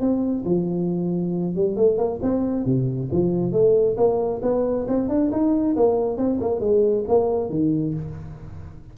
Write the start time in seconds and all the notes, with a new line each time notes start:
0.00 C4
0.45 F3
1.55 G3
1.76 A3
1.98 A#3
2.22 C4
2.65 C3
3.12 F3
3.52 A3
3.97 A#3
4.42 B3
4.88 C4
5.09 D4
5.32 D#4
5.76 A#3
6.17 C4
6.41 A#3
6.60 G#3
7.08 A#3
7.50 D#3